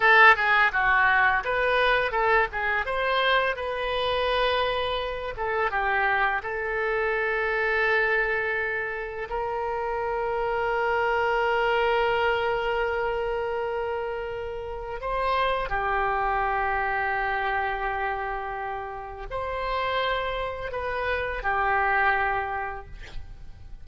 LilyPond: \new Staff \with { instrumentName = "oboe" } { \time 4/4 \tempo 4 = 84 a'8 gis'8 fis'4 b'4 a'8 gis'8 | c''4 b'2~ b'8 a'8 | g'4 a'2.~ | a'4 ais'2.~ |
ais'1~ | ais'4 c''4 g'2~ | g'2. c''4~ | c''4 b'4 g'2 | }